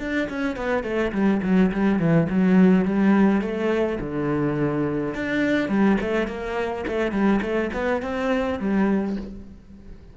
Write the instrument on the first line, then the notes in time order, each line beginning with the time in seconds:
cello
0.00 D4
0.29 C#4
0.57 B3
0.84 A3
1.13 G3
1.43 F#3
1.72 G3
1.99 E3
2.30 F#3
2.85 G3
3.42 A3
4.01 D3
5.15 D4
5.69 G3
6.02 A3
6.28 A#3
6.88 A3
7.12 G3
7.42 A3
7.74 B3
8.02 C4
8.60 G3